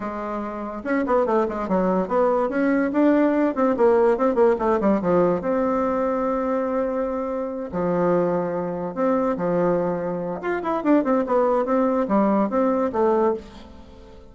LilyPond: \new Staff \with { instrumentName = "bassoon" } { \time 4/4 \tempo 4 = 144 gis2 cis'8 b8 a8 gis8 | fis4 b4 cis'4 d'4~ | d'8 c'8 ais4 c'8 ais8 a8 g8 | f4 c'2.~ |
c'2~ c'8 f4.~ | f4. c'4 f4.~ | f4 f'8 e'8 d'8 c'8 b4 | c'4 g4 c'4 a4 | }